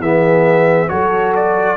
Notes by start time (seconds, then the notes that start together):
0.00 E3 B3 G#4 E5
0.89 F#3 F#4 A4 C#5
1.35 D5